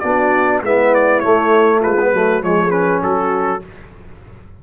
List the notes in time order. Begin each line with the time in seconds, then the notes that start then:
0.00 B3 D4 F#4 D5
0.62 G#3 B3 E4 E5
0.95 D5
1.20 A3 C#5
1.79 G#3 F4 B4
1.99 B3
2.13 F#3 A3 F#4
2.41 F3 G#3 G#4 C#5
2.70 C#4 B4
3.03 F#3 F#4 A4